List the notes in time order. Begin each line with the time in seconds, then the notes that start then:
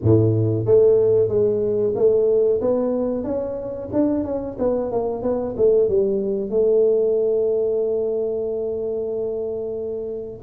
0.02 A2
0.65 A3
1.28 G#3
1.95 A3
2.61 B3
3.24 C#4
3.92 D4
4.24 C#4
4.59 B3
4.91 A#3
5.22 B3
5.56 A3
5.89 G3
6.50 A3